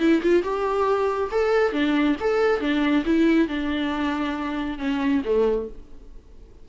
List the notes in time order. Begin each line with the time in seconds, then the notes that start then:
0.00 E4
0.23 F4
0.43 G4
1.32 A4
1.73 D4
2.21 A4
2.61 D4
3.06 E4
3.48 D4
4.79 C#4
5.25 A3